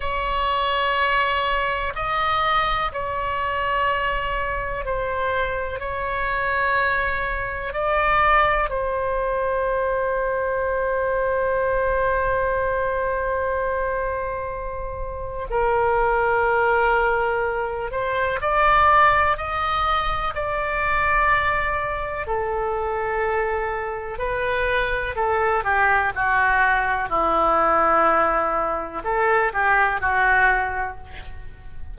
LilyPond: \new Staff \with { instrumentName = "oboe" } { \time 4/4 \tempo 4 = 62 cis''2 dis''4 cis''4~ | cis''4 c''4 cis''2 | d''4 c''2.~ | c''1 |
ais'2~ ais'8 c''8 d''4 | dis''4 d''2 a'4~ | a'4 b'4 a'8 g'8 fis'4 | e'2 a'8 g'8 fis'4 | }